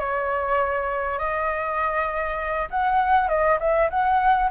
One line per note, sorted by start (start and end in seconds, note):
0.00 1.19 C#5
1.19 2.69 D#5
2.71 3.29 F#5
3.29 3.59 D#5
3.60 3.90 E5
3.90 4.50 F#5